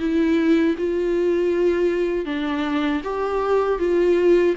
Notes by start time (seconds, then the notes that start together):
0.00 E4
0.78 F4
2.26 D4
3.04 G4
3.79 F4